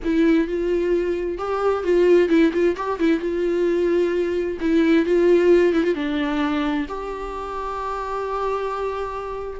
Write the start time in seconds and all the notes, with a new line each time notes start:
0.03 E4
0.47 F4
1.37 G4
1.83 F4
2.28 E4
2.53 F4
2.76 G4
2.99 E4
3.20 F4
4.60 E4
5.05 F4
5.73 E4
5.83 F4
5.94 D4
6.88 G4